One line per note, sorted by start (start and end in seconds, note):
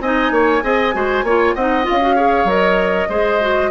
0.00 0.31 C4
0.00 0.62 D#4
0.00 0.32 D#5
0.00 1.54 G#5
0.31 0.62 A#3
0.31 0.63 C#5
0.62 0.94 C4
0.62 0.93 G#4
0.62 0.95 D#5
0.93 1.23 G#3
0.93 1.24 F#4
0.93 1.25 C5
1.23 1.54 A#3
1.23 1.58 F4
1.23 1.55 C#5
1.54 1.87 C4
1.54 1.83 D#4
1.54 2.16 D#5
1.54 1.85 F#5
1.83 1.99 F4
1.83 2.50 F5
1.90 2.45 C#4
2.01 2.17 F#4
2.16 2.48 G#4
2.16 3.08 C#5
2.45 3.06 F#3
2.45 3.10 A#4
2.45 3.71 D#5
3.09 3.71 G#3
3.09 3.41 G#4
3.09 3.71 C5
3.41 3.71 F#4